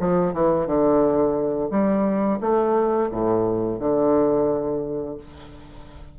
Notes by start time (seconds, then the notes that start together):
0.00 F3
0.34 E3
0.66 D3
1.71 G3
2.40 A3
3.12 A2
3.79 D3